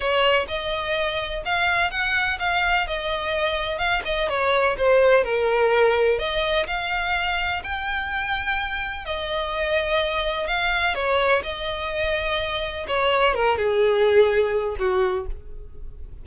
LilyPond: \new Staff \with { instrumentName = "violin" } { \time 4/4 \tempo 4 = 126 cis''4 dis''2 f''4 | fis''4 f''4 dis''2 | f''8 dis''8 cis''4 c''4 ais'4~ | ais'4 dis''4 f''2 |
g''2. dis''4~ | dis''2 f''4 cis''4 | dis''2. cis''4 | ais'8 gis'2~ gis'8 fis'4 | }